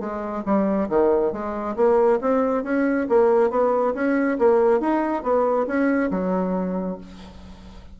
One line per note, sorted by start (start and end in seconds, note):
0.00 0.43 G#3
0.45 0.89 G3
0.89 1.32 D#3
1.32 1.76 G#3
1.76 2.20 A#3
2.21 2.63 C4
2.63 3.07 C#4
3.09 3.50 A#3
3.50 3.94 B3
3.94 4.38 C#4
4.39 4.80 A#3
4.80 5.23 D#4
5.23 5.66 B3
5.67 6.10 C#4
6.11 6.98 F#3